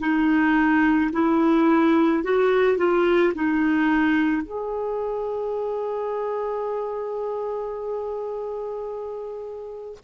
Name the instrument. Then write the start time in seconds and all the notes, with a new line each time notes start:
clarinet
0.00 D#4
1.13 E4
2.24 F#4
2.78 F4
3.35 D#4
4.42 G#4